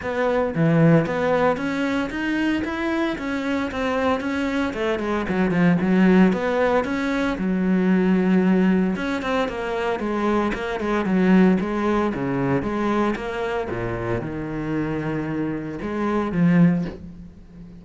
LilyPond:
\new Staff \with { instrumentName = "cello" } { \time 4/4 \tempo 4 = 114 b4 e4 b4 cis'4 | dis'4 e'4 cis'4 c'4 | cis'4 a8 gis8 fis8 f8 fis4 | b4 cis'4 fis2~ |
fis4 cis'8 c'8 ais4 gis4 | ais8 gis8 fis4 gis4 cis4 | gis4 ais4 ais,4 dis4~ | dis2 gis4 f4 | }